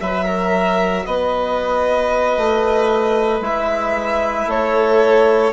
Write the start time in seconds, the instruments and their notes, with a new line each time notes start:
0.00 bassoon F#3, trombone F#4, violin B4 E5
0.25 violin A#4
1.05 bassoon B3, violin B4 D#5
2.37 bassoon A3
3.40 bassoon G#3, trombone E4, violin E5
4.46 bassoon A3, violin A4 C#5